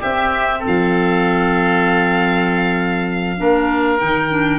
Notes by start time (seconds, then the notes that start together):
0.00 C4 G4 E5
0.59 A4
0.67 F3 F5
3.37 A#3 D4 A#4
3.98 D#3 D#4 G5
4.29 D4